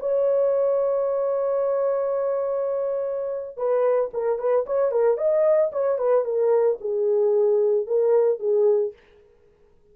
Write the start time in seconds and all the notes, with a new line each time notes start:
0.00 C#5
3.57 B4
4.13 A#4
4.39 B4
4.67 C#5
4.92 A#4
5.18 D#5
5.72 C#5
5.98 B4
6.25 A#4
6.81 G#4
7.87 A#4
8.40 G#4